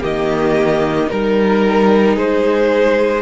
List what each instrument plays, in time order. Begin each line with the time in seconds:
0.00 cello D#3, viola A#3, violin G4 D#5
1.06 cello G3, viola D#4, violin A#4
2.15 cello G#3, violin G#4 C5